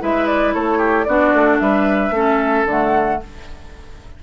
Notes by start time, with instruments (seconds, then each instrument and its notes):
0.00 bassoon G#3, clarinet E4, oboe B4, flute E5
0.27 flute D5
0.54 bassoon A3, oboe A4, flute C#5
0.78 oboe G4
1.04 bassoon B3, clarinet D4, oboe F#4, flute D5
1.34 bassoon A3
1.59 bassoon G3, oboe B4, flute E5
2.10 bassoon A3, clarinet C#4, oboe A4
2.66 bassoon D3, clarinet A3, flute F#5